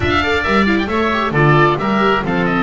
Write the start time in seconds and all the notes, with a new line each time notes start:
0.00 D4 F4 E5 F5
0.22 A4 D5
0.43 G3 A#4 E5
0.65 E4 F5
0.78 G5
0.86 A3 A4 C#5 E5
1.12 G4
1.31 D3 F4 A4 D5
1.78 G3 G4 A#4 E5
2.22 F3 C4 A4 F5
2.45 D#5